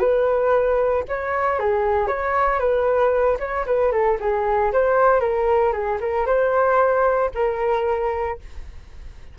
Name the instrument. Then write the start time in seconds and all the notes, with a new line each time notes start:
flute
0.00 B4
1.09 C#5
1.60 G#4
2.08 C#5
2.60 B4
3.40 C#5
3.67 B4
3.92 A4
4.21 G#4
4.73 C5
5.21 A#4
5.73 G#4
6.01 A#4
6.27 C5
7.35 A#4